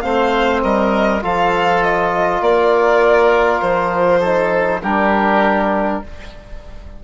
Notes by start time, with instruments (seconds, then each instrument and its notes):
0.00 bassoon A3, trombone C4, oboe C5, violin F5
0.63 bassoon G3, oboe A#4, violin D#5
1.21 bassoon F3, trombone F4, oboe A4, violin F5
1.83 violin D#5
2.41 bassoon A#3, oboe A#4, violin D5
3.61 bassoon F3, violin C5
4.20 trombone D#4, oboe A4
4.82 bassoon G3, trombone D4, oboe G4, violin A#4